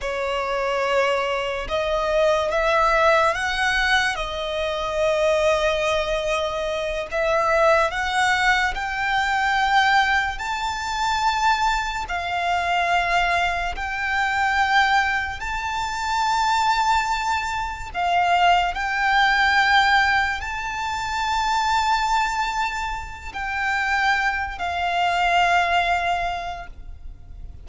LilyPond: \new Staff \with { instrumentName = "violin" } { \time 4/4 \tempo 4 = 72 cis''2 dis''4 e''4 | fis''4 dis''2.~ | dis''8 e''4 fis''4 g''4.~ | g''8 a''2 f''4.~ |
f''8 g''2 a''4.~ | a''4. f''4 g''4.~ | g''8 a''2.~ a''8 | g''4. f''2~ f''8 | }